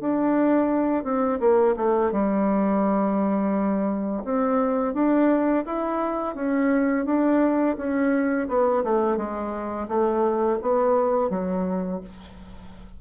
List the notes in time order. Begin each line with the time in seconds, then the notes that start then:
0.00 D4
1.03 C4
1.40 A#3
1.76 A3
2.11 G3
4.24 C4
4.94 D4
5.65 E4
6.35 C#4
7.05 D4
7.77 C#4
8.48 B3
8.84 A3
9.17 G#3
9.88 A3
10.61 B3
11.30 F#3